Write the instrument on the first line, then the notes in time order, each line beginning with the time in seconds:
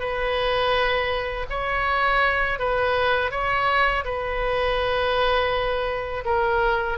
oboe
0.00 B4
1.50 C#5
2.59 B4
3.31 C#5
4.05 B4
6.25 A#4